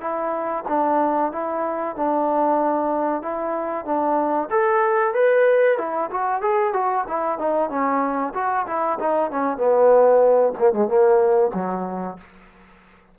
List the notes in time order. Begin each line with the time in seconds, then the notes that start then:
0.00 E4
0.68 D4
1.31 E4
1.96 D4
3.22 E4
3.85 D4
4.50 A4
5.14 B4
5.78 E4
6.10 F#4
6.41 G#4
6.73 F#4
7.07 E4
7.38 D#4
7.69 C#4
8.34 F#4
8.66 E4
8.99 D#4
9.30 C#4
9.57 B3
10.58 A#3
10.73 G#3
10.87 A#3
11.54 F#3